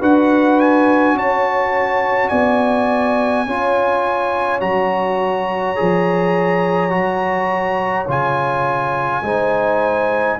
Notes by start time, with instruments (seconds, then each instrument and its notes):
0.00 tuba D4, trombone F#4, horn B4, trumpet F#5
0.60 trumpet G#5
1.14 tuba C#4, horn C#5, trumpet A5
2.29 tuba B3, horn D5, trumpet G#5
3.47 tuba C#4, trombone F4, horn C#5
4.61 tuba F#3, trombone F#4, trumpet A#5
5.76 tuba F3, trombone G#4
6.91 tuba F#3, trombone F#4
8.08 tuba C#3, trombone F4, trumpet G#5
9.23 tuba G#3, trombone D#4, horn C5